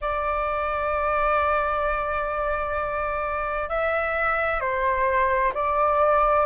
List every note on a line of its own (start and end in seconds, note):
0.01 3.69 D5
3.69 4.60 E5
4.60 5.52 C5
5.53 6.46 D5